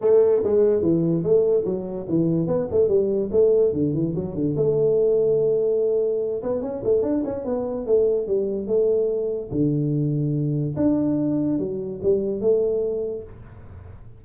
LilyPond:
\new Staff \with { instrumentName = "tuba" } { \time 4/4 \tempo 4 = 145 a4 gis4 e4 a4 | fis4 e4 b8 a8 g4 | a4 d8 e8 fis8 d8 a4~ | a2.~ a8 b8 |
cis'8 a8 d'8 cis'8 b4 a4 | g4 a2 d4~ | d2 d'2 | fis4 g4 a2 | }